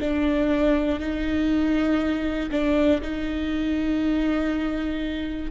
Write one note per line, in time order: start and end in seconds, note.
0.00 1.00 D4
1.00 2.50 D#4
2.51 3.01 D4
3.01 5.51 D#4